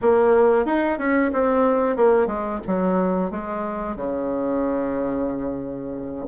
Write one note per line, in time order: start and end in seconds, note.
0.01 0.65 A#3
0.65 0.98 D#4
0.98 1.31 C#4
1.32 1.96 C4
1.96 2.26 A#3
2.26 2.59 G#3
2.66 3.30 F#3
3.30 3.96 G#3
3.96 6.26 C#3